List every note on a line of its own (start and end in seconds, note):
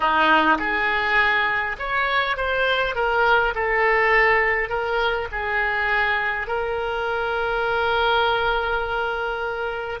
0.00 0.58 D#4
0.59 1.76 G#4
1.78 2.36 C#5
2.36 2.95 C5
2.95 3.54 A#4
3.55 4.69 A4
4.69 5.28 A#4
5.31 6.47 G#4
6.47 10.00 A#4